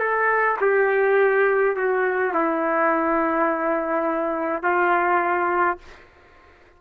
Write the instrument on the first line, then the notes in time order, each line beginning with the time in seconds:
trumpet
0.00 A4
0.61 G4
1.77 F#4
2.34 E4
4.63 F4